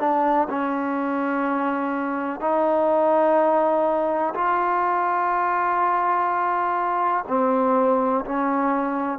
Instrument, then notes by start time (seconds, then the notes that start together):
trombone
0.00 D4
0.50 C#4
2.41 D#4
4.35 F4
7.28 C4
8.25 C#4